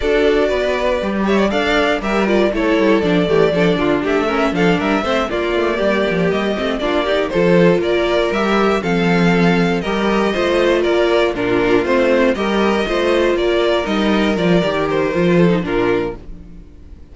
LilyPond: <<
  \new Staff \with { instrumentName = "violin" } { \time 4/4 \tempo 4 = 119 d''2~ d''8 e''16 d''16 f''4 | e''8 d''8 cis''4 d''2 | e''4 f''8 e''4 d''4.~ | d''8 dis''4 d''4 c''4 d''8~ |
d''8 e''4 f''2 dis''8~ | dis''4. d''4 ais'4 c''8~ | c''8 dis''2 d''4 dis''8~ | dis''8 d''4 c''4. ais'4 | }
  \new Staff \with { instrumentName = "violin" } { \time 4/4 a'4 b'4. cis''8 d''4 | ais'4 a'4. g'8 a'8 f'8 | g'8 ais'8 a'8 ais'8 c''8 f'4 g'8~ | g'4. f'8 g'8 a'4 ais'8~ |
ais'4. a'2 ais'8~ | ais'8 c''4 ais'4 f'4.~ | f'8 ais'4 c''4 ais'4.~ | ais'2~ ais'8 a'8 f'4 | }
  \new Staff \with { instrumentName = "viola" } { \time 4/4 fis'2 g'4 a'4 | g'8 f'8 e'4 d'8 a8 d'4~ | d'8 cis'8 d'4 c'8 ais4.~ | ais4 c'8 d'8 dis'8 f'4.~ |
f'8 g'4 c'2 g'8~ | g'8 f'2 d'4 c'8~ | c'8 g'4 f'2 dis'8~ | dis'8 f'8 g'4 f'8. dis'16 d'4 | }
  \new Staff \with { instrumentName = "cello" } { \time 4/4 d'4 b4 g4 d'4 | g4 a8 g8 f8 e8 f8 d8 | a4 f8 g8 a8 ais8 a8 g8 | f8 g8 a8 ais4 f4 ais8~ |
ais8 g4 f2 g8~ | g8 a4 ais4 ais,4 a8~ | a8 g4 a4 ais4 g8~ | g8 f8 dis4 f4 ais,4 | }
>>